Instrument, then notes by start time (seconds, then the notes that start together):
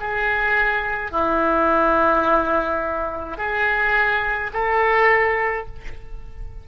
oboe
0.00 G#4
1.11 E4
3.38 G#4
4.53 A4